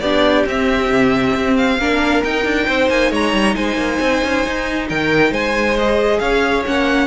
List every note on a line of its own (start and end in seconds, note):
0.00 0.45 B3
0.00 0.47 D4
0.00 1.78 G4
0.00 0.44 D5
0.45 0.90 C4
0.45 1.81 C4
0.45 1.56 E5
0.90 1.34 C3
1.34 1.78 C4
1.56 2.23 F5
1.78 2.22 A#3
1.78 2.25 D4
1.78 2.67 A#4
2.24 2.45 D#4
2.24 5.78 D#4
2.24 2.89 G5
2.45 2.67 D4
2.67 2.89 C4
2.67 3.10 C5
2.89 3.11 A#3
2.89 3.11 G#5
3.10 3.33 G#3
3.10 3.54 C#5
3.10 3.55 A#5
3.33 3.55 G3
3.55 3.76 G#3
3.55 4.87 C5
3.55 4.87 G#5
3.76 3.98 A#3
4.00 4.22 C4
4.23 4.45 C#4
4.46 4.90 D#4
4.89 5.31 D#3
4.89 5.31 A#4
4.89 5.33 G5
5.31 6.19 G#3
5.31 6.19 C5
5.31 5.77 G#5
5.78 6.66 G#4
5.78 6.19 D#5
6.19 6.64 C#4
6.19 7.07 C#5
6.19 6.63 F5
6.66 7.07 A#3
6.66 7.07 C#4
6.66 7.07 F#5